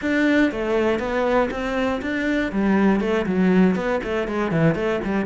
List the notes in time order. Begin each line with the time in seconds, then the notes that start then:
0.01 D4
0.51 A3
0.99 B3
1.50 C4
2.01 D4
2.52 G3
3.00 A3
3.26 F#3
3.75 B3
4.03 A3
4.27 G#3
4.51 E3
4.75 A3
5.04 G3